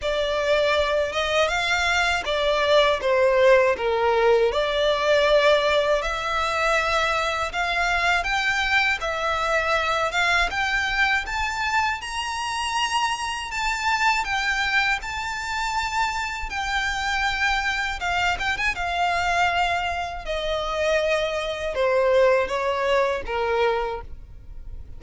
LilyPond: \new Staff \with { instrumentName = "violin" } { \time 4/4 \tempo 4 = 80 d''4. dis''8 f''4 d''4 | c''4 ais'4 d''2 | e''2 f''4 g''4 | e''4. f''8 g''4 a''4 |
ais''2 a''4 g''4 | a''2 g''2 | f''8 g''16 gis''16 f''2 dis''4~ | dis''4 c''4 cis''4 ais'4 | }